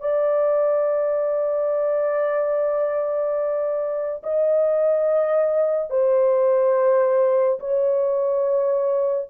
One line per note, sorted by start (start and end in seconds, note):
0.00 4.23 D5
4.23 5.90 D#5
5.90 7.59 C5
7.60 9.29 C#5